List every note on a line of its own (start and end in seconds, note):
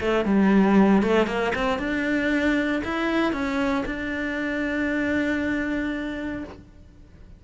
0.00 0.24 A3
0.24 1.02 G3
1.02 1.26 A3
1.26 1.52 A#3
1.55 1.78 C4
1.78 2.82 D4
2.84 3.32 E4
3.32 3.84 C#4
3.85 6.44 D4